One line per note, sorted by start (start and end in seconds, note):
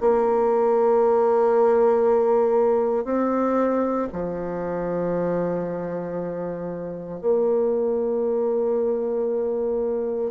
0.00 3.04 A#3
3.04 4.08 C4
4.12 7.20 F3
7.20 10.30 A#3